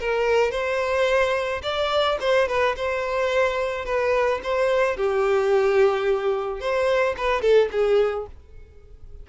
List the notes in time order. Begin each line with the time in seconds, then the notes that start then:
0.00 A#4
0.51 C5
1.63 D5
2.20 C5
2.48 B4
2.76 C5
3.85 B4
4.43 C5
4.97 G4
6.60 C5
7.17 B4
7.42 A4
7.72 G#4